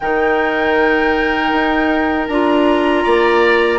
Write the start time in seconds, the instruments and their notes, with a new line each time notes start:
0.00 bassoon D#3, clarinet D#4, oboe A#4, flute G5
1.51 bassoon D#4
2.27 bassoon D4, clarinet F4, flute A#5
3.03 bassoon A#3, oboe D5